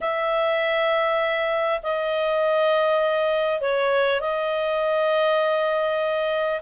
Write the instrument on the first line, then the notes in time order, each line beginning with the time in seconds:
clarinet
0.00 E5
1.82 D#5
3.60 C#5
4.20 D#5